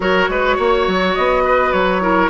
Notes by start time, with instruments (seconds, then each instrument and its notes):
0.00 bassoon F#3, clarinet F#4, oboe A#4, flute C#5
0.28 bassoon G#3, oboe B4
0.56 bassoon A#3, oboe C#5
0.87 bassoon F#3
1.14 bassoon B3, flute D#5
1.44 oboe B4
1.72 bassoon F#3, flute C#5
2.01 clarinet E4, oboe A#4